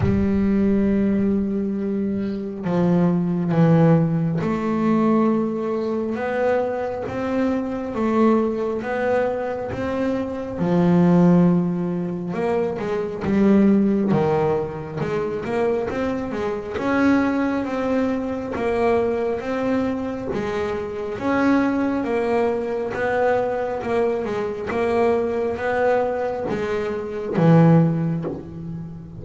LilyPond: \new Staff \with { instrumentName = "double bass" } { \time 4/4 \tempo 4 = 68 g2. f4 | e4 a2 b4 | c'4 a4 b4 c'4 | f2 ais8 gis8 g4 |
dis4 gis8 ais8 c'8 gis8 cis'4 | c'4 ais4 c'4 gis4 | cis'4 ais4 b4 ais8 gis8 | ais4 b4 gis4 e4 | }